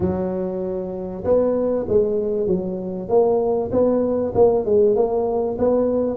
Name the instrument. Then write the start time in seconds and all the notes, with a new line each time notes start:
tuba
0.00 F#3
1.24 B3
1.88 G#3
2.47 F#3
3.08 A#3
3.71 B3
4.34 A#3
4.65 G#3
4.95 A#3
5.58 B3